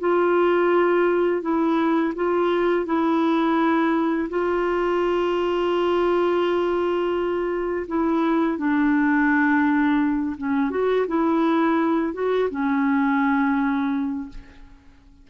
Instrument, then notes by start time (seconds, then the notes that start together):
clarinet
0.00 F4
1.42 E4
2.16 F4
2.86 E4
4.30 F4
7.88 E4
8.58 D4
10.38 C#4
10.71 F#4
11.08 E4
12.14 F#4
12.51 C#4